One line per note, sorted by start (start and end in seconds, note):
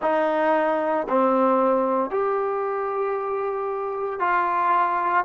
0.01 1.07 D#4
1.09 2.10 C4
2.10 4.19 G4
4.19 5.24 F4